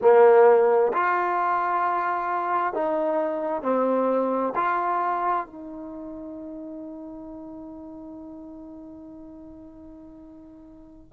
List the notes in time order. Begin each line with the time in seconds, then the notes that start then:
0.01 A#3
0.93 F4
2.73 D#4
3.62 C4
4.55 F4
5.45 D#4